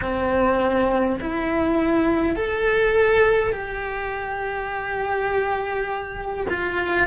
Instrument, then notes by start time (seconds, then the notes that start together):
cello
0.01 C4
1.20 E4
2.35 A4
3.52 G4
6.49 F4